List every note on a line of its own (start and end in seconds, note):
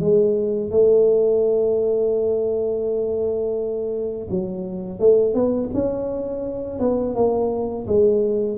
0.00 0.71 G#3
0.71 4.28 A3
4.31 5.00 F#3
5.00 5.34 A3
5.34 5.70 B3
5.74 6.80 C#4
6.80 7.15 B3
7.15 7.86 A#3
7.87 8.58 G#3